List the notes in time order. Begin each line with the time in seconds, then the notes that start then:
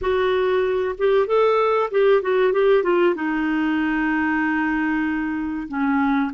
0.01 F#4
0.98 G4
1.26 A4
1.90 G4
2.21 F#4
2.52 G4
2.82 F4
3.15 D#4
5.68 C#4